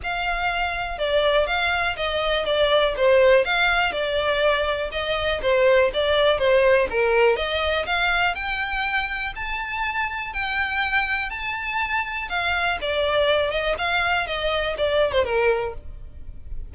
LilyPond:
\new Staff \with { instrumentName = "violin" } { \time 4/4 \tempo 4 = 122 f''2 d''4 f''4 | dis''4 d''4 c''4 f''4 | d''2 dis''4 c''4 | d''4 c''4 ais'4 dis''4 |
f''4 g''2 a''4~ | a''4 g''2 a''4~ | a''4 f''4 d''4. dis''8 | f''4 dis''4 d''8. c''16 ais'4 | }